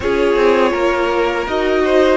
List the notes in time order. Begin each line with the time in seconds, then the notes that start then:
0.00 C#4 F4 G#4 C#5
0.36 C4
0.72 A#3 A#4
1.46 D#4 F#4 D#5
1.84 C5